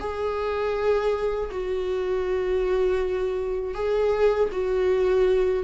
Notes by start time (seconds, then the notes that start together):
0.00 G#4
1.51 F#4
3.74 G#4
4.52 F#4